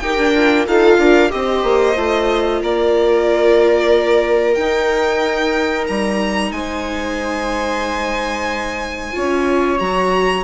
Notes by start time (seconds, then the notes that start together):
0.00 D#4 G4 A#4 G5
0.18 D4
0.35 F4
0.68 D#4 F4 A4 F5
0.99 D4 A#4
1.30 C4 G4 C5 D#5
1.64 A#3
1.96 A3 F4
2.62 A#3 A#4 D5
4.55 D#4 G5
5.87 G3 A#5
6.52 G#3 C5 G#5
9.13 C#4 F4 C#5
9.79 F#3 F#4 A#5